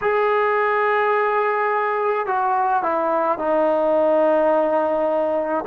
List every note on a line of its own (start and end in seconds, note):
0.01 2.26 G#4
2.26 2.83 F#4
2.83 3.38 E4
3.38 5.64 D#4